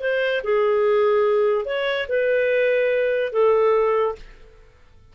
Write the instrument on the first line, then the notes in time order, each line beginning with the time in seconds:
clarinet
0.00 C5
0.43 G#4
1.65 C#5
2.08 B4
3.32 A4